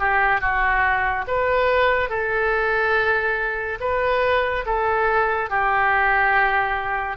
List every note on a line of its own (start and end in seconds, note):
0.00 0.41 G4
0.41 1.25 F#4
1.28 2.10 B4
2.10 3.79 A4
3.81 4.65 B4
4.66 5.50 A4
5.50 7.17 G4